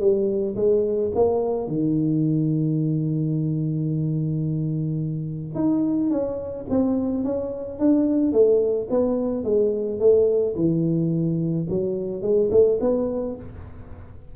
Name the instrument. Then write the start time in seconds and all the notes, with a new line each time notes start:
tuba
0.00 G3
0.56 G#3
1.15 A#3
1.67 D#3
5.55 D#4
6.10 C#4
6.69 C4
7.24 C#4
7.79 D4
8.32 A3
8.90 B3
9.44 G#3
9.99 A3
10.56 E3
11.69 F#3
12.22 G#3
12.51 A3
12.80 B3